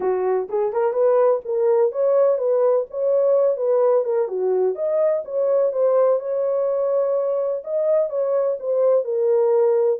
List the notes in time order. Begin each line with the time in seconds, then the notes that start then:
0.00 F#4
0.49 G#4
0.73 A#4
0.93 B4
1.44 A#4
1.92 C#5
2.37 B4
2.90 C#5
3.56 B4
4.04 A#4
4.27 F#4
4.75 D#5
5.24 C#5
5.72 C5
6.19 C#5
7.64 D#5
8.09 C#5
8.59 C5
9.04 A#4